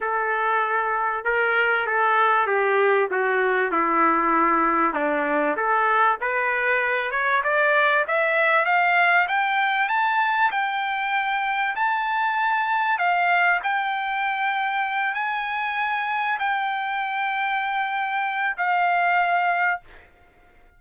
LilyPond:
\new Staff \with { instrumentName = "trumpet" } { \time 4/4 \tempo 4 = 97 a'2 ais'4 a'4 | g'4 fis'4 e'2 | d'4 a'4 b'4. cis''8 | d''4 e''4 f''4 g''4 |
a''4 g''2 a''4~ | a''4 f''4 g''2~ | g''8 gis''2 g''4.~ | g''2 f''2 | }